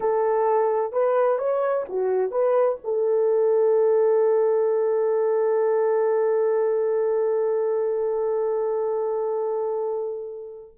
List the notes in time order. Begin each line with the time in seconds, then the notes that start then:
0.00 A4
0.92 B4
1.38 C#5
1.89 F#4
2.31 B4
2.84 A4